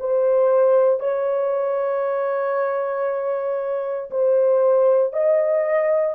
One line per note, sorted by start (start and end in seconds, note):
0.00 1.00 C5
1.00 4.11 C#5
4.11 5.13 C5
5.13 6.15 D#5